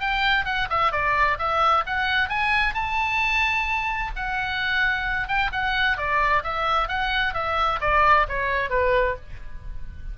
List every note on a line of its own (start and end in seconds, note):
0.00 0.45 G5
0.45 0.68 F#5
0.69 0.92 E5
0.92 1.37 D5
1.38 1.84 E5
1.86 2.28 F#5
2.28 2.74 G#5
2.74 4.11 A5
4.15 5.27 F#5
5.27 5.50 G5
5.52 5.97 F#5
5.97 6.43 D5
6.43 6.88 E5
6.88 7.33 F#5
7.33 7.79 E5
7.80 8.26 D5
8.28 8.70 C#5
8.70 9.15 B4